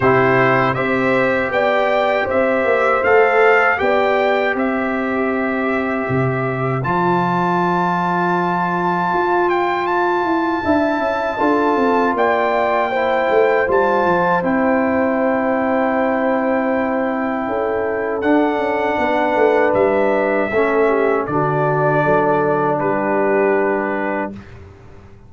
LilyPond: <<
  \new Staff \with { instrumentName = "trumpet" } { \time 4/4 \tempo 4 = 79 c''4 e''4 g''4 e''4 | f''4 g''4 e''2~ | e''4 a''2.~ | a''8 g''8 a''2. |
g''2 a''4 g''4~ | g''1 | fis''2 e''2 | d''2 b'2 | }
  \new Staff \with { instrumentName = "horn" } { \time 4/4 g'4 c''4 d''4 c''4~ | c''4 d''4 c''2~ | c''1~ | c''2 e''4 a'4 |
d''4 c''2.~ | c''2. a'4~ | a'4 b'2 a'8 g'8 | fis'4 a'4 g'2 | }
  \new Staff \with { instrumentName = "trombone" } { \time 4/4 e'4 g'2. | a'4 g'2.~ | g'4 f'2.~ | f'2 e'4 f'4~ |
f'4 e'4 f'4 e'4~ | e'1 | d'2. cis'4 | d'1 | }
  \new Staff \with { instrumentName = "tuba" } { \time 4/4 c4 c'4 b4 c'8 ais8 | a4 b4 c'2 | c4 f2. | f'4. e'8 d'8 cis'8 d'8 c'8 |
ais4. a8 g8 f8 c'4~ | c'2. cis'4 | d'8 cis'8 b8 a8 g4 a4 | d4 fis4 g2 | }
>>